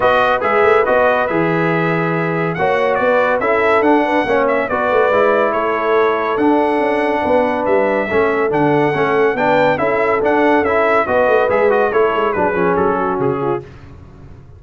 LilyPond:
<<
  \new Staff \with { instrumentName = "trumpet" } { \time 4/4 \tempo 4 = 141 dis''4 e''4 dis''4 e''4~ | e''2 fis''4 d''4 | e''4 fis''4. e''8 d''4~ | d''4 cis''2 fis''4~ |
fis''2 e''2 | fis''2 g''4 e''4 | fis''4 e''4 dis''4 e''8 dis''8 | cis''4 b'4 a'4 gis'4 | }
  \new Staff \with { instrumentName = "horn" } { \time 4/4 b'1~ | b'2 cis''4 b'4 | a'4. b'8 cis''4 b'4~ | b'4 a'2.~ |
a'4 b'2 a'4~ | a'2 b'4 a'4~ | a'2 b'2 | a'4 gis'4. fis'4 f'8 | }
  \new Staff \with { instrumentName = "trombone" } { \time 4/4 fis'4 gis'4 fis'4 gis'4~ | gis'2 fis'2 | e'4 d'4 cis'4 fis'4 | e'2. d'4~ |
d'2. cis'4 | d'4 cis'4 d'4 e'4 | d'4 e'4 fis'4 gis'8 fis'8 | e'4 d'8 cis'2~ cis'8 | }
  \new Staff \with { instrumentName = "tuba" } { \time 4/4 b4 gis8 a8 b4 e4~ | e2 ais4 b4 | cis'4 d'4 ais4 b8 a8 | gis4 a2 d'4 |
cis'4 b4 g4 a4 | d4 a4 b4 cis'4 | d'4 cis'4 b8 a8 gis4 | a8 gis8 fis8 f8 fis4 cis4 | }
>>